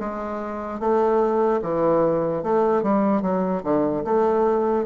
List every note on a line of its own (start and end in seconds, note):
0.00 0.80 G#3
0.80 1.61 A3
1.62 2.43 E3
2.43 2.83 A3
2.83 3.22 G3
3.22 3.63 F#3
3.64 4.04 D3
4.05 4.86 A3